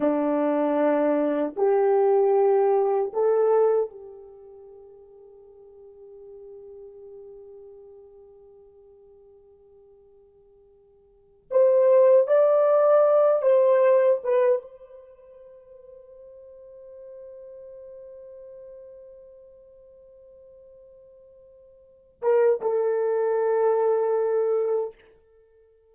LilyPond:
\new Staff \with { instrumentName = "horn" } { \time 4/4 \tempo 4 = 77 d'2 g'2 | a'4 g'2.~ | g'1~ | g'2~ g'8. c''4 d''16~ |
d''4~ d''16 c''4 b'8 c''4~ c''16~ | c''1~ | c''1~ | c''8 ais'8 a'2. | }